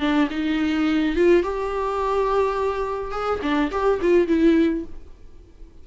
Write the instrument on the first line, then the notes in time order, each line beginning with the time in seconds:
viola
0.00 D4
0.30 D#4
1.16 F4
1.43 G4
3.11 G#4
3.42 D4
3.71 G4
4.02 F4
4.28 E4